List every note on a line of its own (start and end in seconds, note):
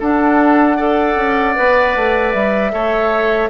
0.00 1.16 D4
0.00 0.78 D4
0.00 0.77 A4
0.00 2.32 F#5
0.77 1.55 A4
0.77 2.72 D5
1.16 1.55 C#4
1.55 1.96 B3
1.55 2.72 B4
1.96 2.34 A3
2.32 2.73 G3
2.32 3.49 E5
2.72 3.50 A3
2.72 3.50 A4
2.72 3.50 C#5